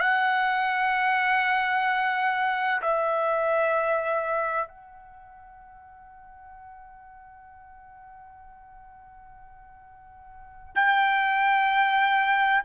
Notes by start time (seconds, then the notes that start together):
0.00 F#5
2.82 E5
4.68 F#5
10.75 G5